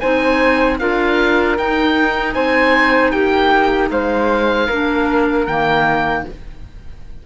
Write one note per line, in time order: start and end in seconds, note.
0.00 0.81 C4
0.00 0.79 D#4
0.00 0.79 C5
0.00 0.78 G#5
0.79 1.58 D4
0.79 1.57 F4
0.79 2.35 A#4
0.79 1.57 F5
1.57 2.35 D#4
1.57 4.70 D#4
1.57 2.34 G5
2.34 3.12 C4
2.34 3.12 C5
2.34 3.11 G#5
3.11 3.90 A#3
3.11 3.90 G4
3.11 3.89 G5
3.90 4.68 G#3
3.90 4.67 C5
3.90 5.46 F5
4.67 5.47 A#3
4.67 5.48 D4
4.67 6.23 A#4
5.46 6.25 D#3
5.46 6.26 A#3
5.46 6.24 G5